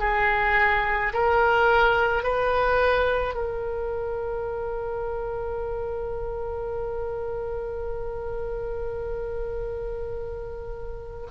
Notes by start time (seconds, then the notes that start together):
0.00 G#4
1.14 A#4
2.24 B4
3.35 A#4